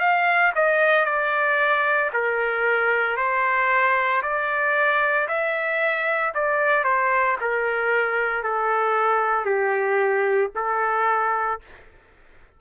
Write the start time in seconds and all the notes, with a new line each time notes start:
0.00 F5
0.56 D#5
1.06 D5
2.14 A#4
3.17 C5
4.23 D5
5.28 E5
6.35 D5
6.85 C5
7.41 A#4
8.44 A4
9.45 G4
10.56 A4